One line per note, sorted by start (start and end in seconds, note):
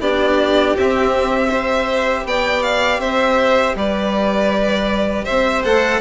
0.00 0.75 B3
0.00 0.76 D4
0.00 1.49 G4
0.00 0.76 D5
0.77 2.25 C4
0.77 1.52 C4
0.77 2.27 E5
1.49 5.64 G4
1.49 2.24 C5
2.25 2.99 B3
2.25 3.01 D5
2.25 2.63 G5
2.63 3.00 F5
2.99 3.74 C4
2.99 3.76 C5
2.99 3.75 E5
3.76 5.26 G3
3.76 5.25 B4
3.76 5.25 D5
5.25 5.64 C4
5.25 6.00 C5
5.25 5.62 E5
5.64 6.01 A3
5.64 6.01 A4
5.64 6.01 F#5